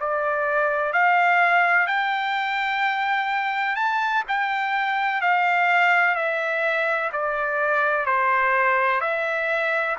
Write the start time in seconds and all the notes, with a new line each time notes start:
0.00 D5
0.93 F5
1.87 G5
3.75 A5
4.28 G5
5.21 F5
6.15 E5
7.13 D5
8.06 C5
9.01 E5